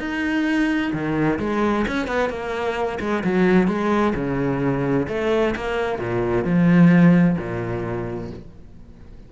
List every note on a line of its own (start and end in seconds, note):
0.00 0.92 D#4
0.93 1.39 D#3
1.40 1.86 G#3
1.88 2.08 C#4
2.08 2.30 B3
2.30 2.99 A#3
3.00 3.23 G#3
3.24 3.68 F#3
3.68 4.14 G#3
4.15 5.08 C#3
5.09 5.55 A3
5.56 5.99 A#3
5.99 6.45 A#2
6.45 7.37 F3
7.38 8.31 A#2